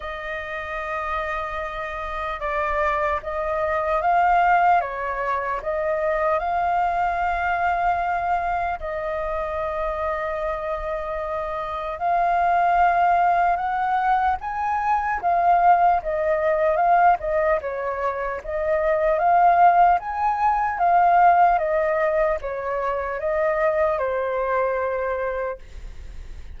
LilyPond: \new Staff \with { instrumentName = "flute" } { \time 4/4 \tempo 4 = 75 dis''2. d''4 | dis''4 f''4 cis''4 dis''4 | f''2. dis''4~ | dis''2. f''4~ |
f''4 fis''4 gis''4 f''4 | dis''4 f''8 dis''8 cis''4 dis''4 | f''4 gis''4 f''4 dis''4 | cis''4 dis''4 c''2 | }